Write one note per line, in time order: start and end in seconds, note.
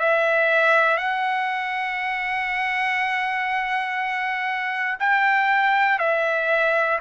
0.00 0.97 E5
0.97 4.97 F#5
5.00 5.99 G5
5.99 6.99 E5